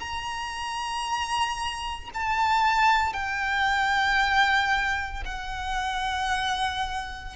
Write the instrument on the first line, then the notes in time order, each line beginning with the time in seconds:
violin
0.00 A#5
2.14 A5
3.13 G5
5.25 F#5